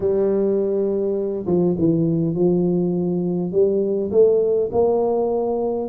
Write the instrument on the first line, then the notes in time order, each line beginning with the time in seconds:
tuba
0.00 G3
1.46 F3
1.78 E3
2.34 F3
3.51 G3
4.11 A3
4.72 A#3